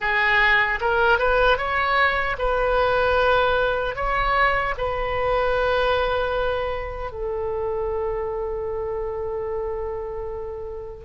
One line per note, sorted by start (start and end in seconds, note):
0.00 0.79 G#4
0.80 1.18 A#4
1.18 1.57 B4
1.57 2.36 C#5
2.38 3.95 B4
3.95 4.74 C#5
4.77 7.11 B4
7.11 11.04 A4